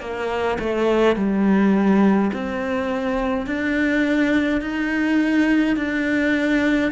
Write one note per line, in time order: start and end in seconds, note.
0.00 0.58 A#3
0.59 1.16 A3
1.16 2.31 G3
2.33 3.46 C4
3.46 4.61 D4
4.61 5.76 D#4
5.76 6.91 D4